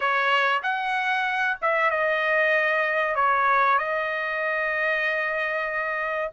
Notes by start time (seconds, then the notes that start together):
0.00 C#5
0.62 F#5
1.61 E5
1.90 D#5
3.15 C#5
3.78 D#5